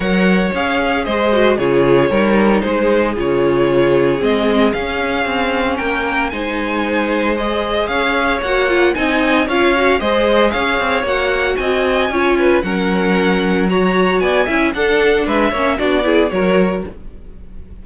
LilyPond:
<<
  \new Staff \with { instrumentName = "violin" } { \time 4/4 \tempo 4 = 114 fis''4 f''4 dis''4 cis''4~ | cis''4 c''4 cis''2 | dis''4 f''2 g''4 | gis''2 dis''4 f''4 |
fis''4 gis''4 f''4 dis''4 | f''4 fis''4 gis''2 | fis''2 ais''4 gis''4 | fis''4 e''4 d''4 cis''4 | }
  \new Staff \with { instrumentName = "violin" } { \time 4/4 cis''2 c''4 gis'4 | ais'4 gis'2.~ | gis'2. ais'4 | c''2. cis''4~ |
cis''4 dis''4 cis''4 c''4 | cis''2 dis''4 cis''8 b'8 | ais'2 cis''4 d''8 e''8 | a'4 b'8 cis''8 fis'8 gis'8 ais'4 | }
  \new Staff \with { instrumentName = "viola" } { \time 4/4 ais'4 gis'4. fis'8 f'4 | dis'2 f'2 | c'4 cis'2. | dis'2 gis'2 |
fis'8 f'8 dis'4 f'8 fis'8 gis'4~ | gis'4 fis'2 f'4 | cis'2 fis'4. e'8 | d'4. cis'8 d'8 e'8 fis'4 | }
  \new Staff \with { instrumentName = "cello" } { \time 4/4 fis4 cis'4 gis4 cis4 | g4 gis4 cis2 | gis4 cis'4 c'4 ais4 | gis2. cis'4 |
ais4 c'4 cis'4 gis4 | cis'8 c'8 ais4 c'4 cis'4 | fis2. b8 cis'8 | d'4 gis8 ais8 b4 fis4 | }
>>